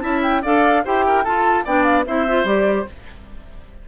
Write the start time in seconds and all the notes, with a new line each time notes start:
0.00 C#4 E4 E5 A5
0.23 G5
0.42 D4 A4 D5 F5
0.85 E4 G4 C5 G5
1.07 A#4
1.24 F4 A4 A5
1.65 B3 D4 D5 G5
1.84 F5
2.06 C4 E4 C5 E5
2.28 F4
2.44 G3 G4 D5